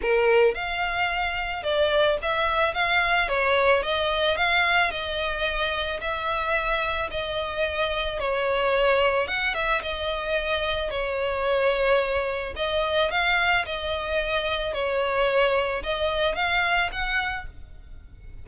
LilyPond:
\new Staff \with { instrumentName = "violin" } { \time 4/4 \tempo 4 = 110 ais'4 f''2 d''4 | e''4 f''4 cis''4 dis''4 | f''4 dis''2 e''4~ | e''4 dis''2 cis''4~ |
cis''4 fis''8 e''8 dis''2 | cis''2. dis''4 | f''4 dis''2 cis''4~ | cis''4 dis''4 f''4 fis''4 | }